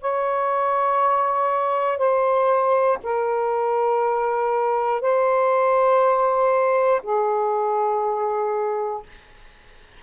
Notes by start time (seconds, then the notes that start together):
0.00 C#5
1.98 C5
3.03 A#4
5.01 C5
7.03 G#4